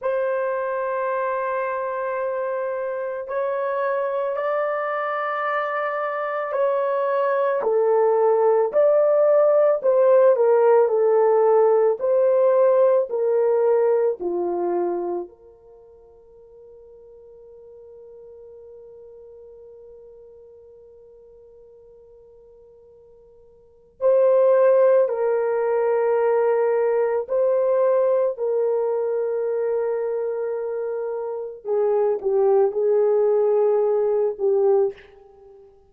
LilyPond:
\new Staff \with { instrumentName = "horn" } { \time 4/4 \tempo 4 = 55 c''2. cis''4 | d''2 cis''4 a'4 | d''4 c''8 ais'8 a'4 c''4 | ais'4 f'4 ais'2~ |
ais'1~ | ais'2 c''4 ais'4~ | ais'4 c''4 ais'2~ | ais'4 gis'8 g'8 gis'4. g'8 | }